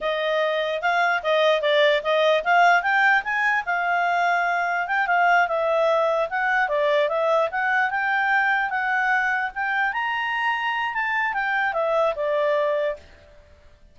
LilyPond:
\new Staff \with { instrumentName = "clarinet" } { \time 4/4 \tempo 4 = 148 dis''2 f''4 dis''4 | d''4 dis''4 f''4 g''4 | gis''4 f''2. | g''8 f''4 e''2 fis''8~ |
fis''8 d''4 e''4 fis''4 g''8~ | g''4. fis''2 g''8~ | g''8 ais''2~ ais''8 a''4 | g''4 e''4 d''2 | }